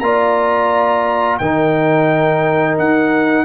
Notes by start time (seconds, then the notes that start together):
0.00 A#3 F4 D5 A#5
1.39 D#3 D#4 A#4 G5
2.79 D#4 F#5